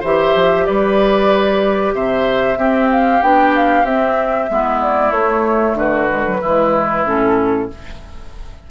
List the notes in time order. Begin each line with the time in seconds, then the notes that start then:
0.00 E3 G4 C5 E5
0.35 F3
0.66 G3 B4 D5
1.94 C3 C5 E5
2.57 C4 G4
2.91 F5
3.21 B3 D4 G5
3.56 F5
3.84 C4 E5
4.49 G#3 B3 E4
4.81 D5
5.11 A3 C#5
5.74 D3 F#4 B4
6.09 G#3
6.26 F#3
6.41 E3 G#3 E4
7.05 A2 C#4 A4